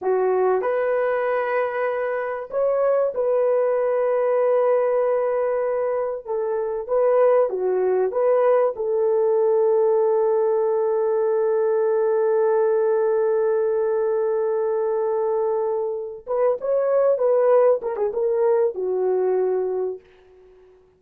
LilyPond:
\new Staff \with { instrumentName = "horn" } { \time 4/4 \tempo 4 = 96 fis'4 b'2. | cis''4 b'2.~ | b'2 a'4 b'4 | fis'4 b'4 a'2~ |
a'1~ | a'1~ | a'2 b'8 cis''4 b'8~ | b'8 ais'16 gis'16 ais'4 fis'2 | }